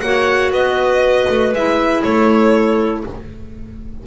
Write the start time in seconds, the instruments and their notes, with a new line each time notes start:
0.00 double bass A#3, clarinet F#4 C#5, violin F#5
0.51 double bass B3, clarinet B4, violin D#5
1.28 double bass A3
1.52 double bass G#3, clarinet E4, violin E5
2.02 double bass A3, clarinet A4, violin C#5